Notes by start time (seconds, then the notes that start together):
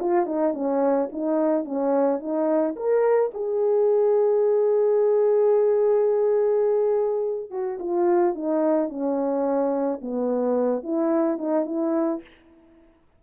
0.00 F4
0.26 D#4
0.54 C#4
1.12 D#4
1.65 C#4
2.20 D#4
2.77 A#4
3.34 G#4
7.51 F#4
7.80 F4
8.35 D#4
8.89 C#4
10.02 B3
10.83 E4
11.38 D#4
11.66 E4